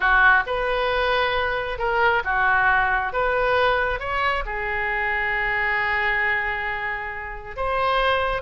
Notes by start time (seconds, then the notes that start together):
0.00 F#4
0.46 B4
1.78 A#4
2.24 F#4
3.13 B4
3.99 C#5
4.45 G#4
7.56 C5